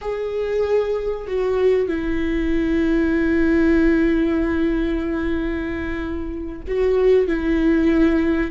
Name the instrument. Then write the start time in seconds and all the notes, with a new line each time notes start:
viola
0.01 G#4
1.27 F#4
1.88 E4
6.67 F#4
7.27 E4